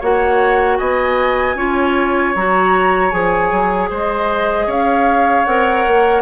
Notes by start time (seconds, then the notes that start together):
0.00 A#3 F#4 C#5 F#5
0.78 B3 D#5 G#5
1.55 C#4 F4 C#5
2.35 F#3 F#4 A#5
3.11 F3 G#4 G#5
3.51 F#3
3.90 G#3 C5 D#5
4.67 C#4 C#5 F5
5.45 C4 A#4 F#5
5.87 A#3